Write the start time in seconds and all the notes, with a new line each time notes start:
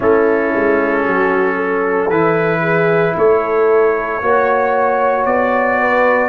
0.00 A3 C#4 E4 A4
0.55 G#3
1.05 F#3 F#4
1.55 A4
2.09 E3 E4 B4
2.61 G#4
3.16 A3 A4 C#5
4.21 A#3 F#4 C#5
5.25 B3 D5
5.80 B4